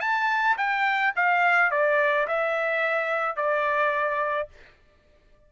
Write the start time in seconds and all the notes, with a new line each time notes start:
0.00 A5
0.57 G5
1.15 F5
1.71 D5
2.27 E5
3.36 D5